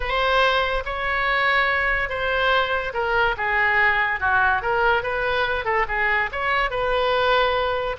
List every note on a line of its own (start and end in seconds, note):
0.00 0.83 C5
0.85 2.09 C#5
2.09 2.93 C5
2.93 3.35 A#4
3.37 4.20 G#4
4.20 4.62 F#4
4.62 5.02 A#4
5.02 5.64 B4
5.64 5.85 A4
5.88 6.30 G#4
6.32 6.70 C#5
6.70 7.96 B4